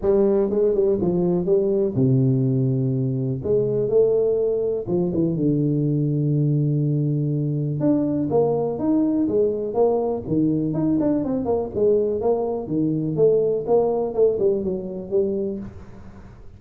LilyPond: \new Staff \with { instrumentName = "tuba" } { \time 4/4 \tempo 4 = 123 g4 gis8 g8 f4 g4 | c2. gis4 | a2 f8 e8 d4~ | d1 |
d'4 ais4 dis'4 gis4 | ais4 dis4 dis'8 d'8 c'8 ais8 | gis4 ais4 dis4 a4 | ais4 a8 g8 fis4 g4 | }